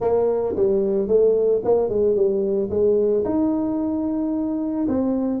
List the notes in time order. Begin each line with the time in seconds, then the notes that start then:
0.00 A#3
0.56 G3
1.07 A3
1.64 A#3
1.89 G#3
2.15 G3
2.70 G#3
3.24 D#4
4.88 C4